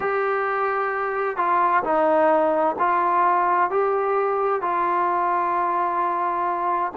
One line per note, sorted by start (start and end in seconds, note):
0.00 1.36 G4
1.36 1.83 F4
1.83 2.76 D#4
2.78 3.70 F4
3.70 4.61 G4
4.61 6.92 F4